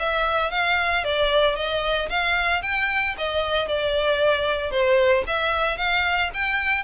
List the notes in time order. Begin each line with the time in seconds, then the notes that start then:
0.00 E5
0.52 F5
1.05 D5
1.56 D#5
2.10 F5
2.63 G5
3.18 D#5
3.68 D5
4.72 C5
5.28 E5
5.78 F5
6.34 G5